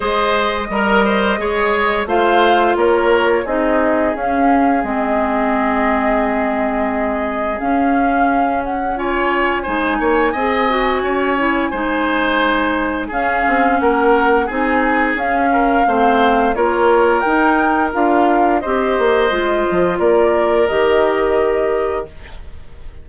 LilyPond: <<
  \new Staff \with { instrumentName = "flute" } { \time 4/4 \tempo 4 = 87 dis''2. f''4 | cis''4 dis''4 f''4 dis''4~ | dis''2. f''4~ | f''8 fis''8 gis''2.~ |
gis''2. f''4 | fis''4 gis''4 f''2 | cis''4 g''4 f''4 dis''4~ | dis''4 d''4 dis''2 | }
  \new Staff \with { instrumentName = "oboe" } { \time 4/4 c''4 ais'8 c''8 cis''4 c''4 | ais'4 gis'2.~ | gis'1~ | gis'4 cis''4 c''8 cis''8 dis''4 |
cis''4 c''2 gis'4 | ais'4 gis'4. ais'8 c''4 | ais'2. c''4~ | c''4 ais'2. | }
  \new Staff \with { instrumentName = "clarinet" } { \time 4/4 gis'4 ais'4 gis'4 f'4~ | f'4 dis'4 cis'4 c'4~ | c'2. cis'4~ | cis'4 f'4 dis'4 gis'8 fis'8~ |
fis'8 e'8 dis'2 cis'4~ | cis'4 dis'4 cis'4 c'4 | f'4 dis'4 f'4 g'4 | f'2 g'2 | }
  \new Staff \with { instrumentName = "bassoon" } { \time 4/4 gis4 g4 gis4 a4 | ais4 c'4 cis'4 gis4~ | gis2. cis'4~ | cis'2 gis8 ais8 c'4 |
cis'4 gis2 cis'8 c'8 | ais4 c'4 cis'4 a4 | ais4 dis'4 d'4 c'8 ais8 | gis8 f8 ais4 dis2 | }
>>